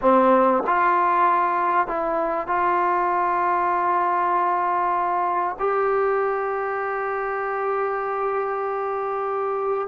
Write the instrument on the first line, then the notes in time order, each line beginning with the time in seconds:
trombone
0.01 C4
0.66 F4
1.87 E4
2.47 F4
5.59 G4